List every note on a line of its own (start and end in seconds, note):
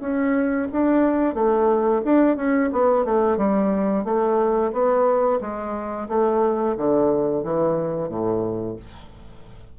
0.00 0.67 C#4
0.71 1.34 D4
1.34 2.01 A3
2.04 2.36 D4
2.36 2.70 C#4
2.72 3.05 B3
3.05 3.37 A3
3.37 4.04 G3
4.04 4.72 A3
4.72 5.39 B3
5.40 6.08 G#3
6.08 6.75 A3
6.77 7.43 D3
7.43 8.08 E3
8.08 8.75 A2